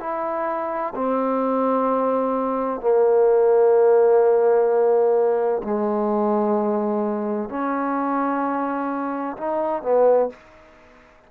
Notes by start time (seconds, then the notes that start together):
0.00 E4
0.95 C4
2.81 A#3
5.63 G#3
7.50 C#4
9.37 D#4
9.83 B3